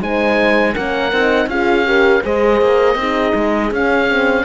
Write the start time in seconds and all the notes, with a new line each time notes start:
0.00 G#3 D#4 C5 G#5
0.73 A#3 C#4 A#4 F#5
1.12 C4 D#4
1.46 C#4 F4 G#4 F5
1.85 G4 A#4
2.24 G#3 G#4 C5 D#5
2.62 A#3
2.95 C4 D#4 G#4
3.35 G#3
3.71 C#4 F5
4.09 C4